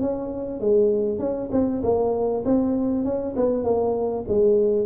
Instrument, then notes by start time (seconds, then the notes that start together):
tuba
0.00 C#4
0.60 G#3
1.19 C#4
1.51 C4
1.83 A#3
2.45 C4
3.04 C#4
3.36 B3
3.63 A#3
4.27 G#3